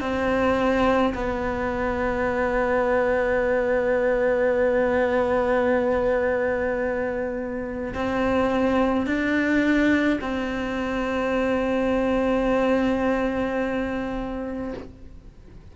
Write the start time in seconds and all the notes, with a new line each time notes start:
0.00 C4
1.14 B3
7.93 C4
9.06 D4
10.20 C4